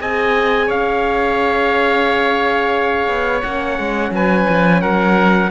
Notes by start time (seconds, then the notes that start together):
0.00 C4 G#4 D#5 G#5
0.67 C#4 C#5 F5
3.08 B3
3.43 A#3 C#4 F#5
3.79 G#3
4.11 F#3 B4 G#5
4.49 F3
4.82 F#3 A#4 F#5